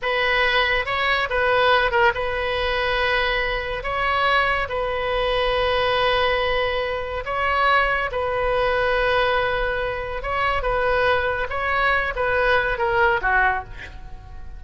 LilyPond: \new Staff \with { instrumentName = "oboe" } { \time 4/4 \tempo 4 = 141 b'2 cis''4 b'4~ | b'8 ais'8 b'2.~ | b'4 cis''2 b'4~ | b'1~ |
b'4 cis''2 b'4~ | b'1 | cis''4 b'2 cis''4~ | cis''8 b'4. ais'4 fis'4 | }